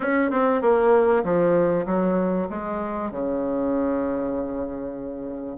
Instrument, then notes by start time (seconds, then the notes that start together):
bassoon
0.00 C#4
0.30 C4
0.61 A#3
1.23 F3
1.86 F#3
2.49 G#3
3.11 C#3